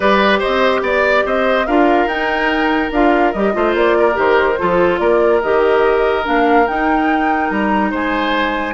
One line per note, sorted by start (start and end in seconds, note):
0.00 0.40 G3
0.00 1.67 G4
0.00 0.38 B4
0.00 0.39 D5
0.38 0.80 C5
0.38 0.82 D#5
0.46 0.81 C4
0.81 1.23 B3
0.81 1.24 D5
0.81 1.26 D5
1.25 1.67 C4
1.25 1.66 C5
1.25 1.66 D#5
1.66 2.05 D4
1.66 2.08 F4
1.66 3.54 A#4
1.66 2.08 F5
2.05 2.89 D#4
2.05 2.92 D#4
2.05 2.91 G5
2.91 3.33 D4
2.91 3.34 F4
2.91 3.32 F5
3.32 3.55 G3
3.32 3.53 G4
3.32 3.74 D#5
3.53 3.74 A3
3.53 4.12 F4
3.53 3.97 C5
3.74 4.16 A#3
3.74 4.18 D5
3.98 4.59 A#4
4.12 4.58 D#3
4.12 4.54 G4
4.18 4.98 C5
4.58 4.99 F3
4.58 5.41 F4
4.58 5.00 A4
4.98 5.41 A#3
4.98 7.91 A#4
4.98 5.40 D5
5.41 6.27 D#3
5.41 6.23 G4
5.41 6.25 D#5
6.23 6.67 A#3
6.23 6.65 D4
6.23 6.67 F5
6.67 7.50 D#4
6.67 8.74 D#4
6.67 7.49 G5
7.49 7.91 G3
7.49 7.91 A#5
7.91 8.74 G#3
7.91 8.74 C5
7.91 8.74 G#5